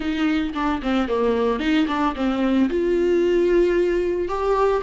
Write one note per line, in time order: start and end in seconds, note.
0.00 0.53 D#4
0.54 0.81 D4
0.82 1.08 C4
1.08 1.59 A#3
1.59 1.86 D#4
1.87 2.14 D4
2.15 2.69 C4
2.69 4.28 F4
4.28 4.81 G4